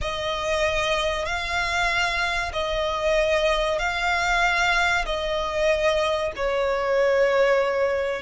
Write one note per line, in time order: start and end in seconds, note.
0.01 1.25 D#5
1.25 2.51 F5
2.52 3.79 D#5
3.79 5.05 F5
5.05 6.32 D#5
6.36 8.22 C#5